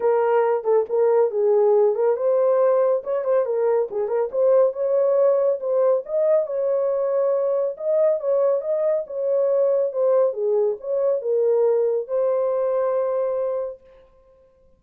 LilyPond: \new Staff \with { instrumentName = "horn" } { \time 4/4 \tempo 4 = 139 ais'4. a'8 ais'4 gis'4~ | gis'8 ais'8 c''2 cis''8 c''8 | ais'4 gis'8 ais'8 c''4 cis''4~ | cis''4 c''4 dis''4 cis''4~ |
cis''2 dis''4 cis''4 | dis''4 cis''2 c''4 | gis'4 cis''4 ais'2 | c''1 | }